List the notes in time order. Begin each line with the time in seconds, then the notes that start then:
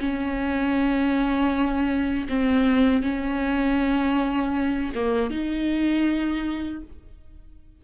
0.00 C#4
2.29 C4
3.03 C#4
4.95 A#3
5.31 D#4